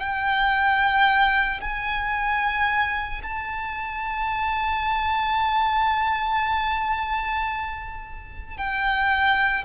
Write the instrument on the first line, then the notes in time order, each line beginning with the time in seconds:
violin
0.00 G5
1.61 G#5
3.23 A5
8.58 G5